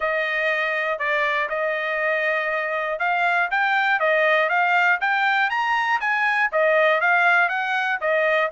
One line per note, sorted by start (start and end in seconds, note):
0.00 0.98 D#5
0.98 1.48 D5
1.49 2.99 D#5
2.99 3.49 F5
3.50 3.99 G5
3.99 4.49 D#5
4.49 4.99 F5
5.00 5.50 G5
5.50 6.00 A#5
6.00 6.50 G#5
6.52 7.00 D#5
7.00 7.48 F5
7.48 7.98 F#5
8.00 8.50 D#5